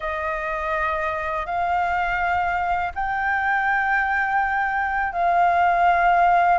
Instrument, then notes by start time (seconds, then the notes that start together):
flute
0.00 D#5
1.45 F5
2.94 G5
5.12 F5